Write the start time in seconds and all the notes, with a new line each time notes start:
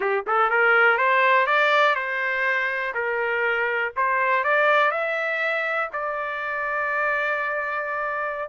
0.00 G4
0.27 A4
0.49 A#4
0.97 C5
1.46 D5
1.95 C5
2.94 A#4
3.96 C5
4.44 D5
4.91 E5
5.92 D5